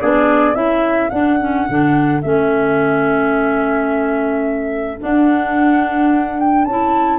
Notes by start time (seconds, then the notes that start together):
0.00 B3 D4 G#4 D5
0.54 C#4 E4 A4 E5
1.09 D4 F#5
1.39 C#4
1.69 D3 D4
2.21 A3 C#4 E5
4.99 D4 F#5
6.39 G5
6.64 C#4 E4 A5